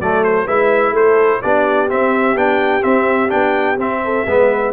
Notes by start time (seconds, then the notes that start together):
0.00 F#3 A3 A4 D5
0.24 C5
0.45 G#3 E4 B4 E5
0.92 A3 A4 C5
1.42 B3 D4 G4 D5
1.89 C4 E5
2.35 B3 D4 G5
2.81 C4 E5
3.29 B3 D4 G5
3.78 C4 E5
4.04 A4
4.27 G#3 B3 B4